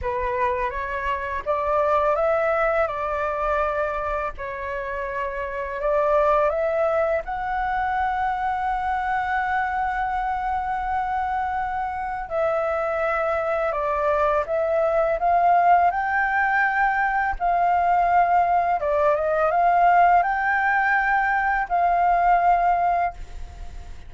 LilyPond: \new Staff \with { instrumentName = "flute" } { \time 4/4 \tempo 4 = 83 b'4 cis''4 d''4 e''4 | d''2 cis''2 | d''4 e''4 fis''2~ | fis''1~ |
fis''4 e''2 d''4 | e''4 f''4 g''2 | f''2 d''8 dis''8 f''4 | g''2 f''2 | }